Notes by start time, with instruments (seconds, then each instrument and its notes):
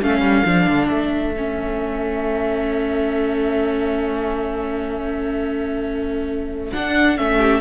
0.00 cello A3, viola C#4, violin A4 F5
0.21 cello G3
0.45 cello F3, viola D4
0.67 cello D3
0.88 cello A3, violin E5
1.37 viola C#4
6.73 viola D4, cello D4, violin F#5
7.17 cello A3, viola C#4, violin E5
7.38 violin G4